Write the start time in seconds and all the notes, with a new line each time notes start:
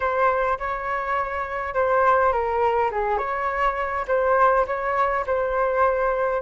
0.00 C5
0.58 C#5
1.74 C5
2.32 A#4
2.91 G#4
3.18 C#5
4.07 C5
4.66 C#5
5.26 C5